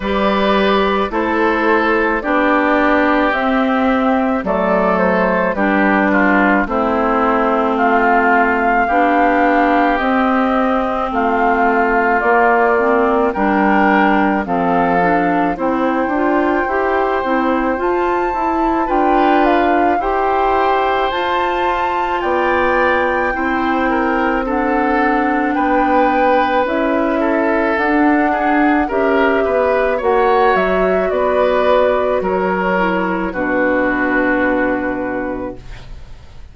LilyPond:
<<
  \new Staff \with { instrumentName = "flute" } { \time 4/4 \tempo 4 = 54 d''4 c''4 d''4 e''4 | d''8 c''8 b'4 c''4 f''4~ | f''4 dis''4 f''4 d''4 | g''4 f''4 g''2 |
a''4 g''8 f''8 g''4 a''4 | g''2 fis''4 g''4 | e''4 fis''4 e''4 fis''8 e''8 | d''4 cis''4 b'2 | }
  \new Staff \with { instrumentName = "oboe" } { \time 4/4 b'4 a'4 g'2 | a'4 g'8 f'8 e'4 f'4 | g'2 f'2 | ais'4 a'4 c''2~ |
c''4 b'4 c''2 | d''4 c''8 ais'8 a'4 b'4~ | b'8 a'4 gis'8 ais'8 b'8 cis''4 | b'4 ais'4 fis'2 | }
  \new Staff \with { instrumentName = "clarinet" } { \time 4/4 g'4 e'4 d'4 c'4 | a4 d'4 c'2 | d'4 c'2 ais8 c'8 | d'4 c'8 d'8 e'8 f'8 g'8 e'8 |
f'8 e'8 f'4 g'4 f'4~ | f'4 e'4 d'2 | e'4 d'4 g'4 fis'4~ | fis'4. e'8 d'2 | }
  \new Staff \with { instrumentName = "bassoon" } { \time 4/4 g4 a4 b4 c'4 | fis4 g4 a2 | b4 c'4 a4 ais4 | g4 f4 c'8 d'8 e'8 c'8 |
f'8 e'8 d'4 e'4 f'4 | b4 c'2 b4 | cis'4 d'4 cis'8 b8 ais8 fis8 | b4 fis4 b,2 | }
>>